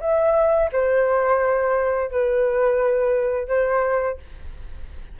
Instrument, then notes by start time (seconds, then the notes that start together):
flute
0.00 E5
0.72 C5
2.11 B4
3.48 C5